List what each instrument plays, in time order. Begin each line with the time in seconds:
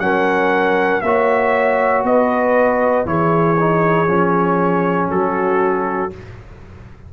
0.00 tuba F#3, trombone C#4, horn A#4, trumpet F#5
1.01 tuba A#3, trombone F#4, horn C#5, trumpet E5
2.04 tuba B3, horn B4, trumpet D#5
3.06 tuba E3, trombone E4, horn G#4, trumpet C#5
3.60 trombone D#4
4.07 tuba F3, trombone C#4
5.10 tuba F#3, horn F#4, trumpet A4